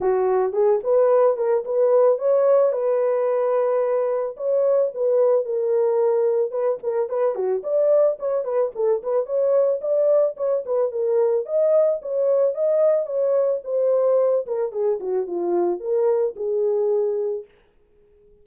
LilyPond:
\new Staff \with { instrumentName = "horn" } { \time 4/4 \tempo 4 = 110 fis'4 gis'8 b'4 ais'8 b'4 | cis''4 b'2. | cis''4 b'4 ais'2 | b'8 ais'8 b'8 fis'8 d''4 cis''8 b'8 |
a'8 b'8 cis''4 d''4 cis''8 b'8 | ais'4 dis''4 cis''4 dis''4 | cis''4 c''4. ais'8 gis'8 fis'8 | f'4 ais'4 gis'2 | }